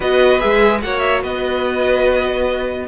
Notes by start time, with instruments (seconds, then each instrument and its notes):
0.00 cello B3, viola F#4, violin B4 D#5
0.39 cello G#3, viola G#4, violin E5
0.81 cello A#3, viola F#4, violin C#5 F#5
0.99 violin E5
1.22 cello B3, violin B4 D#5